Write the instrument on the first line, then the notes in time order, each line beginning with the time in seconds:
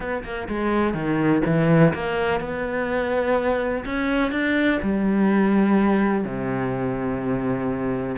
cello
0.00 B3
0.24 A#3
0.48 G#3
0.94 D#3
1.45 E3
1.93 A#3
2.40 B3
3.85 C#4
4.31 D4
4.82 G3
6.24 C3